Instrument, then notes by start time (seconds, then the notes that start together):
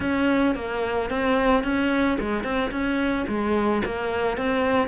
cello
0.00 C#4
0.55 A#3
1.10 C4
1.63 C#4
2.20 G#3
2.43 C4
2.71 C#4
3.28 G#3
3.85 A#3
4.37 C4